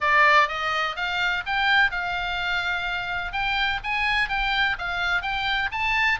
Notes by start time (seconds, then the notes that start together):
0.01 D5
0.48 D#5
0.96 F5
1.45 G5
1.91 F5
3.32 G5
3.83 G#5
4.28 G5
4.78 F5
5.22 G5
5.71 A5